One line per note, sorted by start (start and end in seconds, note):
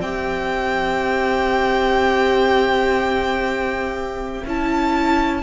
0.00 4.43 C4
0.00 4.45 G4
0.00 5.43 E5
0.00 4.44 G5
4.45 5.43 C#4
4.45 5.43 E4
4.45 5.43 A5